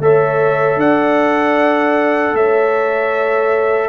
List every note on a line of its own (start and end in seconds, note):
0.00 0.77 A3
0.00 3.90 A4
0.00 0.80 C#5
0.00 0.80 E5
0.77 2.33 D4
0.77 2.36 D5
0.77 2.36 F#5
2.34 3.90 A3
2.34 3.90 C#5
2.34 3.90 E5